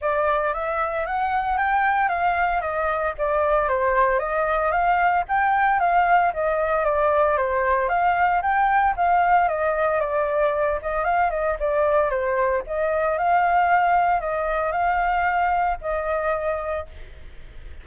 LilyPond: \new Staff \with { instrumentName = "flute" } { \time 4/4 \tempo 4 = 114 d''4 e''4 fis''4 g''4 | f''4 dis''4 d''4 c''4 | dis''4 f''4 g''4 f''4 | dis''4 d''4 c''4 f''4 |
g''4 f''4 dis''4 d''4~ | d''8 dis''8 f''8 dis''8 d''4 c''4 | dis''4 f''2 dis''4 | f''2 dis''2 | }